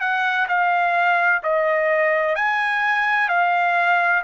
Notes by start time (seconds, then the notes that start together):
0.00 F#5
0.48 F5
1.43 D#5
2.35 G#5
3.29 F5